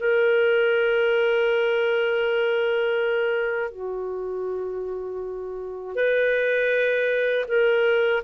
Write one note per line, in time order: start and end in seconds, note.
0.00 3.71 A#4
3.71 5.96 F#4
5.96 7.46 B4
7.48 8.23 A#4